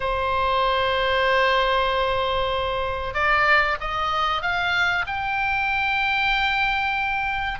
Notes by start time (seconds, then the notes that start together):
0.00 C5
3.14 D5
3.80 D#5
4.42 F5
5.07 G5